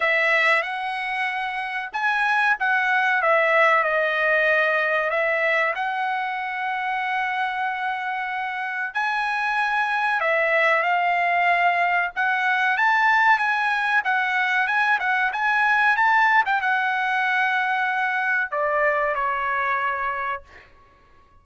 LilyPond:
\new Staff \with { instrumentName = "trumpet" } { \time 4/4 \tempo 4 = 94 e''4 fis''2 gis''4 | fis''4 e''4 dis''2 | e''4 fis''2.~ | fis''2 gis''2 |
e''4 f''2 fis''4 | a''4 gis''4 fis''4 gis''8 fis''8 | gis''4 a''8. g''16 fis''2~ | fis''4 d''4 cis''2 | }